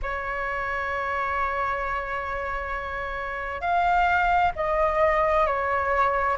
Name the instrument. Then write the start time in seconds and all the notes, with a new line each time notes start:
flute
0.02 C#5
3.61 F5
4.55 D#5
5.46 C#5